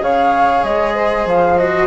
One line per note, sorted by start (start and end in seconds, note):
0.00 0.63 C#3
0.00 1.58 G#4
0.00 0.94 C#5
0.00 0.64 F5
0.64 1.26 G#3
0.64 1.28 D#5
0.94 1.88 C5
1.26 1.88 F3
1.26 1.59 F5
1.59 1.88 F#4
1.59 1.88 D#5